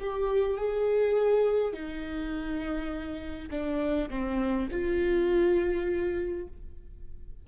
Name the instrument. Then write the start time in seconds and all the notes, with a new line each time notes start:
viola
0.00 G4
0.57 G#4
1.73 D#4
3.51 D4
4.10 C4
4.72 F4